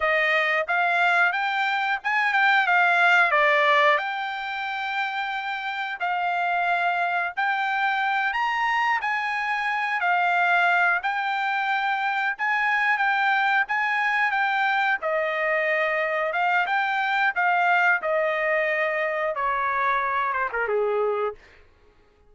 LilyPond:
\new Staff \with { instrumentName = "trumpet" } { \time 4/4 \tempo 4 = 90 dis''4 f''4 g''4 gis''8 g''8 | f''4 d''4 g''2~ | g''4 f''2 g''4~ | g''8 ais''4 gis''4. f''4~ |
f''8 g''2 gis''4 g''8~ | g''8 gis''4 g''4 dis''4.~ | dis''8 f''8 g''4 f''4 dis''4~ | dis''4 cis''4. c''16 ais'16 gis'4 | }